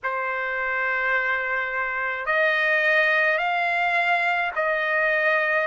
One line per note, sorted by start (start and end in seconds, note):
0.03 2.25 C5
2.25 3.38 D#5
3.38 4.51 F5
4.55 5.67 D#5